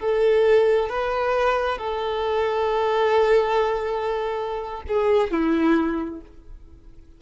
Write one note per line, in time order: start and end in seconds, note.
0.00 0.90 A4
0.90 1.79 B4
1.79 4.83 A4
4.88 5.31 G#4
5.31 6.22 E4